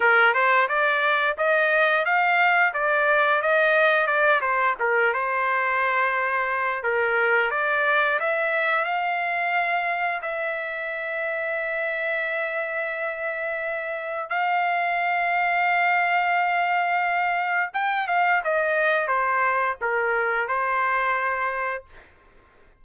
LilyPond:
\new Staff \with { instrumentName = "trumpet" } { \time 4/4 \tempo 4 = 88 ais'8 c''8 d''4 dis''4 f''4 | d''4 dis''4 d''8 c''8 ais'8 c''8~ | c''2 ais'4 d''4 | e''4 f''2 e''4~ |
e''1~ | e''4 f''2.~ | f''2 g''8 f''8 dis''4 | c''4 ais'4 c''2 | }